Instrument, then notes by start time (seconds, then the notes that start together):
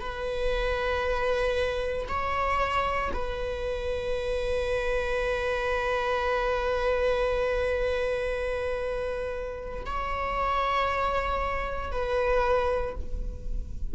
viola
0.00 B4
2.08 C#5
3.13 B4
9.85 C#5
11.92 B4